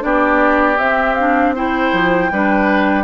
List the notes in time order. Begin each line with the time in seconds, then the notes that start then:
0.00 B3 D4 G4 D5
0.78 C4 E5
1.14 D4 F5
1.55 E4 C5 G5
1.92 F3
2.31 G3 D4 B4